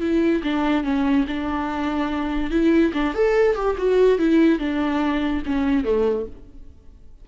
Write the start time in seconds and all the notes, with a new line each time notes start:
0.00 E4
0.43 D4
0.83 C#4
1.27 D4
2.50 E4
2.93 D4
3.14 A4
3.55 G4
3.77 F#4
4.18 E4
4.59 D4
5.45 C#4
5.84 A3